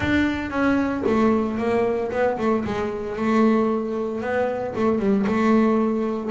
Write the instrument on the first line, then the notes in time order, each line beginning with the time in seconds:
double bass
0.00 D4
0.50 C#4
1.06 A3
1.58 A#3
2.11 B3
2.38 A3
2.65 G#3
3.16 A3
4.21 B3
4.75 A3
4.99 G3
5.26 A3